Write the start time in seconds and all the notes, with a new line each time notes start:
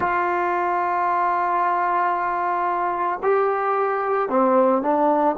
0.00 F4
3.22 G4
4.29 C4
4.82 D4